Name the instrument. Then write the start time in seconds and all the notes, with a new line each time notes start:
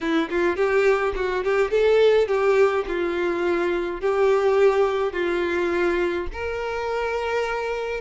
violin
0.00 E4
0.29 F4
0.56 G4
1.15 F#4
1.44 G4
1.71 A4
2.27 G4
2.87 F4
4.01 G4
5.12 F4
6.32 A#4